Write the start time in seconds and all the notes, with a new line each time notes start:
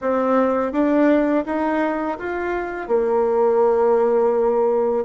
0.01 C4
0.72 D4
1.45 D#4
2.19 F4
2.87 A#3